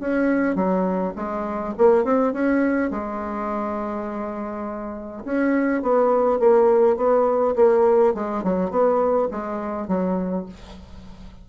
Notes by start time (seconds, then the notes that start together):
0.00 C#4
0.55 F#3
1.16 G#3
1.78 A#3
2.04 C4
2.33 C#4
2.91 G#3
5.25 C#4
5.82 B3
6.39 A#3
6.97 B3
7.56 A#3
8.14 G#3
8.43 F#3
8.70 B3
9.31 G#3
9.88 F#3